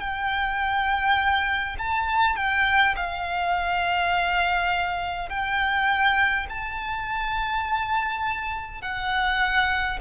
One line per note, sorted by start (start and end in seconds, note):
0.00 1.76 G5
1.79 2.36 A5
2.36 2.95 G5
2.96 5.29 F5
5.29 6.47 G5
6.49 8.81 A5
8.81 9.99 F#5